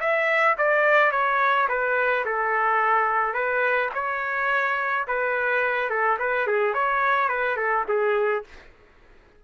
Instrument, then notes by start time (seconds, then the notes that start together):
trumpet
0.00 E5
0.58 D5
1.11 C#5
1.68 B4
2.25 A4
3.33 B4
3.94 C#5
5.07 B4
5.89 A4
6.19 B4
6.47 G#4
6.73 C#5
7.29 B4
7.56 A4
7.88 G#4